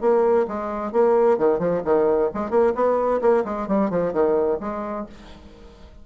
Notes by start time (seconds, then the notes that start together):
0.00 A#3
0.47 G#3
0.92 A#3
1.38 D#3
1.58 F3
1.84 D#3
2.34 G#3
2.50 A#3
2.75 B3
3.21 A#3
3.44 G#3
3.67 G3
3.90 F3
4.13 D#3
4.60 G#3